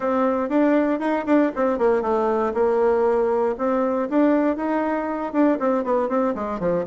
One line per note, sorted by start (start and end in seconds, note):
0.00 0.49 C4
0.49 0.99 D4
0.99 1.25 D#4
1.26 1.51 D4
1.55 1.78 C4
1.78 2.02 A#3
2.02 2.52 A3
2.54 3.55 A#3
3.57 4.08 C4
4.09 4.56 D4
4.56 5.32 D#4
5.32 5.58 D4
5.59 5.84 C4
5.84 6.09 B3
6.09 6.34 C4
6.34 6.59 G#3
6.59 6.85 F3